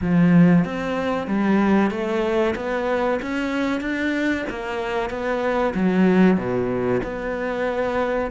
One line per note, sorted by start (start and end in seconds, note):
0.01 0.64 F3
0.64 1.27 C4
1.27 1.90 G3
1.90 2.54 A3
2.55 3.19 B3
3.21 3.81 C#4
3.81 4.44 D4
4.49 5.09 A#3
5.09 5.73 B3
5.74 6.37 F#3
6.37 7.01 B2
7.03 8.30 B3